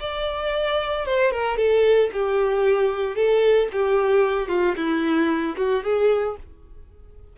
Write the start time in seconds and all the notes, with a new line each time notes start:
0.00 D5
1.06 C5
1.31 A#4
1.57 A4
2.13 G4
3.15 A4
3.72 G4
4.48 F4
4.76 E4
5.57 F#4
5.83 G#4